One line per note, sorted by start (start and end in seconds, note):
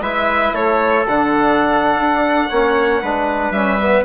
0.00 0.52 G#3
0.00 1.07 E4
0.00 0.54 B4
0.00 0.55 E5
0.54 1.06 A3
0.54 2.49 A4
0.54 1.07 C#5
1.07 1.96 D3
1.07 2.51 D4
1.07 3.51 F#5
1.96 2.48 D4
2.49 3.02 A#3
2.49 3.03 C#4
2.49 3.01 C#5
3.02 3.51 G#3
3.02 3.54 D4
3.02 4.05 B4
3.51 4.03 G3
3.51 3.80 C#4
3.51 4.04 E5
3.80 4.05 B3